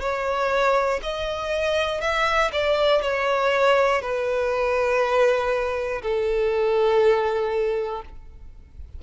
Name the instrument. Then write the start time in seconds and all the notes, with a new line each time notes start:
violin
0.00 C#5
1.03 D#5
2.01 E5
2.52 D5
3.02 C#5
4.01 B4
6.02 A4